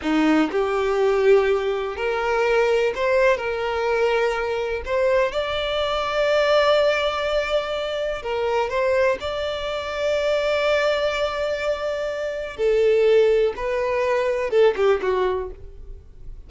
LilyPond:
\new Staff \with { instrumentName = "violin" } { \time 4/4 \tempo 4 = 124 dis'4 g'2. | ais'2 c''4 ais'4~ | ais'2 c''4 d''4~ | d''1~ |
d''4 ais'4 c''4 d''4~ | d''1~ | d''2 a'2 | b'2 a'8 g'8 fis'4 | }